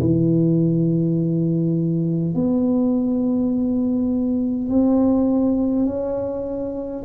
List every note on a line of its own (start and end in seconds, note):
0.00 2.34 E3
2.34 4.68 B3
4.68 5.86 C4
5.86 7.03 C#4